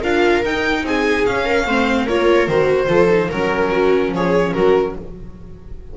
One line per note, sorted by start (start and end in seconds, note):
0.00 0.44 D4
0.00 0.44 F4
0.00 0.82 A#4
0.00 0.45 F5
0.44 0.83 D#4
0.44 1.27 D#4
0.44 0.86 G5
0.83 1.24 C4
0.83 1.45 G#4
0.83 1.26 G#5
1.26 1.66 C#4
1.26 1.68 C#4
1.26 2.08 F5
1.45 1.66 A#4
1.66 2.07 A3
1.66 2.08 C4
1.66 2.04 C5
2.04 2.48 A#3
2.04 2.50 F4
2.04 2.87 A#4
2.04 2.49 C#5
2.48 2.89 D#3
2.48 2.87 F#4
2.48 3.31 C5
2.87 3.30 F3
2.87 3.08 F4
2.87 3.29 A4
3.09 3.30 D#4
3.29 4.12 F#3
3.29 4.98 C#4
3.29 3.70 A#4
3.29 4.14 A#4
3.71 4.12 F#4
4.12 4.53 F3
4.12 4.56 G#4
4.12 4.54 C#5
4.54 4.97 F#3
4.54 4.97 F#4
4.54 4.95 A#4